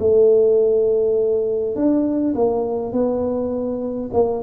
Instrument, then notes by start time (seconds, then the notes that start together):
tuba
0.00 A3
1.76 D4
2.35 A#3
2.93 B3
4.14 A#3